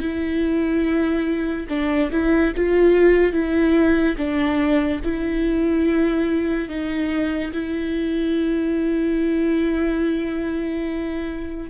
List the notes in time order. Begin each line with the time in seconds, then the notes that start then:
0.00 E4
1.69 D4
2.11 E4
2.56 F4
3.33 E4
4.17 D4
5.04 E4
6.69 D#4
7.53 E4